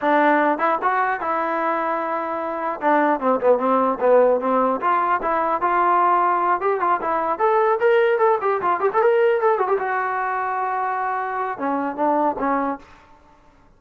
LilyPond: \new Staff \with { instrumentName = "trombone" } { \time 4/4 \tempo 4 = 150 d'4. e'8 fis'4 e'4~ | e'2. d'4 | c'8 b8 c'4 b4 c'4 | f'4 e'4 f'2~ |
f'8 g'8 f'8 e'4 a'4 ais'8~ | ais'8 a'8 g'8 f'8 g'16 a'16 ais'4 a'8 | fis'16 g'16 fis'2.~ fis'8~ | fis'4 cis'4 d'4 cis'4 | }